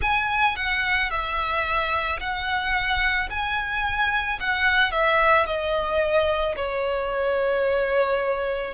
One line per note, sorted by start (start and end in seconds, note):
0.01 0.56 G#5
0.56 1.10 F#5
1.10 2.19 E5
2.20 3.29 F#5
3.30 4.39 G#5
4.39 4.91 F#5
4.91 5.45 E5
5.45 6.55 D#5
6.56 8.73 C#5